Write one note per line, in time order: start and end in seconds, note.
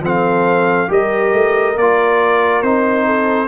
0.00 0.87 F3
0.00 0.87 C4
0.00 0.91 A4
0.00 0.91 F5
0.87 1.33 G3
0.87 1.74 G4
0.87 3.05 A#4
0.87 1.77 D#5
1.33 1.76 A3
1.76 2.62 A#3
1.76 2.63 F4
1.76 2.62 D5
2.62 3.47 C4
2.62 3.47 D#4
2.62 3.47 C5
3.05 3.47 A4